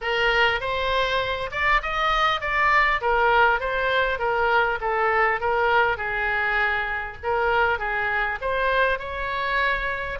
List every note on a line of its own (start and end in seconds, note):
0.01 0.60 A#4
0.60 1.50 C5
1.51 1.81 D5
1.82 2.41 D#5
2.41 3.01 D5
3.01 3.60 A#4
3.60 4.18 C5
4.18 4.78 A#4
4.80 5.40 A4
5.40 5.97 A#4
5.97 7.17 G#4
7.23 7.78 A#4
7.78 8.38 G#4
8.41 8.98 C5
8.98 10.18 C#5